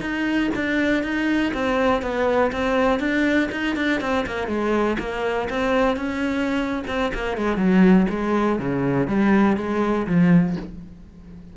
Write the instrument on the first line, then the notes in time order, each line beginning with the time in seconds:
cello
0.00 D#4
0.55 D4
1.03 D#4
1.53 C4
2.02 B3
2.52 C4
3.00 D4
3.51 D#4
3.76 D4
4.00 C4
4.26 A#3
4.47 G#3
4.99 A#3
5.49 C4
5.96 C#4
6.87 C4
7.14 A#3
7.37 G#3
7.57 F#3
8.09 G#3
8.59 C#3
9.07 G3
9.56 G#3
10.07 F3